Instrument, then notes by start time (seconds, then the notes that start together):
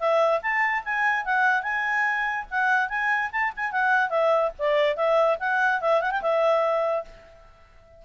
clarinet
0.00 E5
0.43 A5
0.85 G#5
1.25 F#5
1.63 G#5
2.51 F#5
2.90 G#5
3.32 A5
3.57 G#5
3.72 F#5
4.10 E5
4.59 D5
4.97 E5
5.40 F#5
5.82 E5
6.02 F#5
6.12 G5
6.22 E5